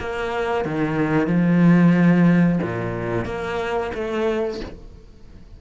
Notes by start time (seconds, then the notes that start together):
0.00 A#3
0.65 D#3
1.27 F3
2.62 A#2
3.25 A#3
3.94 A3